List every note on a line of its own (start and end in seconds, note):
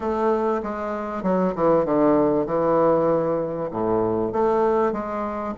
0.00 0.61 A3
0.62 1.23 G#3
1.23 1.54 F#3
1.55 1.85 E3
1.85 2.46 D3
2.46 3.69 E3
3.71 4.32 A2
4.32 4.92 A3
4.92 5.54 G#3